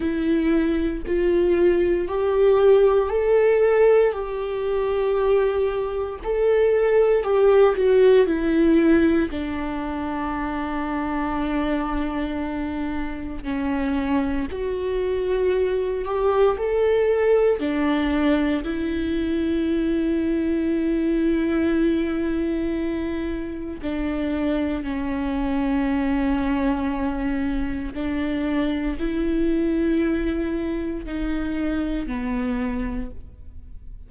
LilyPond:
\new Staff \with { instrumentName = "viola" } { \time 4/4 \tempo 4 = 58 e'4 f'4 g'4 a'4 | g'2 a'4 g'8 fis'8 | e'4 d'2.~ | d'4 cis'4 fis'4. g'8 |
a'4 d'4 e'2~ | e'2. d'4 | cis'2. d'4 | e'2 dis'4 b4 | }